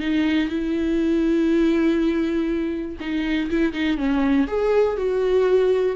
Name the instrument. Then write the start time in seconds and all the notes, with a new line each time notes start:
viola
0.00 D#4
0.49 E4
3.00 D#4
3.50 E4
3.73 D#4
3.97 C#4
4.47 G#4
4.97 F#4